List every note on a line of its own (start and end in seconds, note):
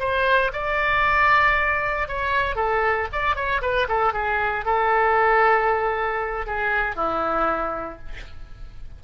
0.00 0.52 C5
0.53 2.08 D5
2.08 2.56 C#5
2.56 3.08 A4
3.13 3.36 D5
3.36 3.62 C#5
3.62 3.87 B4
3.89 4.14 A4
4.14 4.65 G#4
4.66 6.47 A4
6.47 6.96 G#4
6.96 7.99 E4